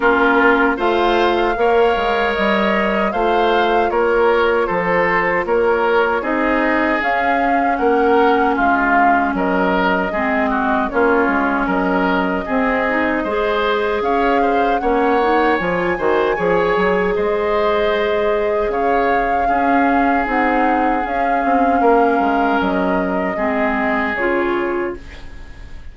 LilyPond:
<<
  \new Staff \with { instrumentName = "flute" } { \time 4/4 \tempo 4 = 77 ais'4 f''2 dis''4 | f''4 cis''4 c''4 cis''4 | dis''4 f''4 fis''4 f''4 | dis''2 cis''4 dis''4~ |
dis''2 f''4 fis''4 | gis''2 dis''2 | f''2 fis''4 f''4~ | f''4 dis''2 cis''4 | }
  \new Staff \with { instrumentName = "oboe" } { \time 4/4 f'4 c''4 cis''2 | c''4 ais'4 a'4 ais'4 | gis'2 ais'4 f'4 | ais'4 gis'8 fis'8 f'4 ais'4 |
gis'4 c''4 cis''8 c''8 cis''4~ | cis''8 c''8 cis''4 c''2 | cis''4 gis'2. | ais'2 gis'2 | }
  \new Staff \with { instrumentName = "clarinet" } { \time 4/4 cis'4 f'4 ais'2 | f'1 | dis'4 cis'2.~ | cis'4 c'4 cis'2 |
c'8 dis'8 gis'2 cis'8 dis'8 | f'8 fis'8 gis'2.~ | gis'4 cis'4 dis'4 cis'4~ | cis'2 c'4 f'4 | }
  \new Staff \with { instrumentName = "bassoon" } { \time 4/4 ais4 a4 ais8 gis8 g4 | a4 ais4 f4 ais4 | c'4 cis'4 ais4 gis4 | fis4 gis4 ais8 gis8 fis4 |
c'4 gis4 cis'4 ais4 | f8 dis8 f8 fis8 gis2 | cis4 cis'4 c'4 cis'8 c'8 | ais8 gis8 fis4 gis4 cis4 | }
>>